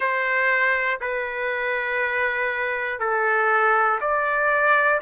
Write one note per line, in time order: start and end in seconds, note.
0.00 1.00 C5
1.00 2.99 B4
2.99 3.99 A4
4.00 5.00 D5